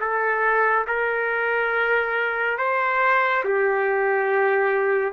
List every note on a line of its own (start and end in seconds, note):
0.00 0.86 A4
0.87 2.58 A#4
2.58 3.43 C5
3.44 5.12 G4